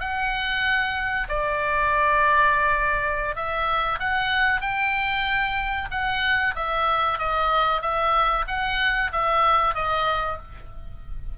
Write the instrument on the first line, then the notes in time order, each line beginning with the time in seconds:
oboe
0.00 F#5
1.28 D5
3.35 E5
3.99 F#5
4.61 G5
5.91 F#5
6.55 E5
7.18 D#5
7.81 E5
8.47 F#5
9.12 E5
9.74 D#5